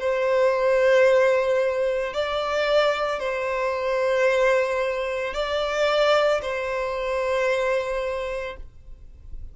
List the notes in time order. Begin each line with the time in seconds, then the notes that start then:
0.00 C5
2.14 D5
3.20 C5
5.34 D5
6.42 C5